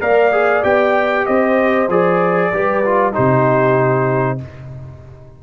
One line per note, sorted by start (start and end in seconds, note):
0.00 0.63 A#3
0.00 0.31 A#4
0.00 1.26 D5
0.00 0.63 F5
0.32 0.63 G#4
0.63 1.26 B3
0.63 1.88 G4
0.63 1.26 G5
1.26 1.88 C4
1.26 2.52 C5
1.26 1.88 D#5
1.88 2.51 F3
1.88 2.52 G#4
1.88 3.14 D5
2.52 3.15 G3
2.52 2.84 G4
2.52 3.14 B4
2.85 3.13 F4
3.13 4.43 C3
3.13 4.38 D#4
3.13 4.39 G4
3.13 4.39 C5